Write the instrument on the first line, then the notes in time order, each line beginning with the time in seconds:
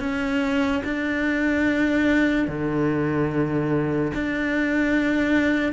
cello
0.00 C#4
0.84 D4
2.48 D3
4.14 D4